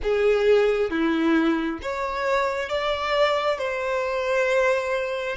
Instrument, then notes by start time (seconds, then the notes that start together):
violin
0.02 G#4
0.90 E4
1.82 C#5
2.69 D5
3.58 C5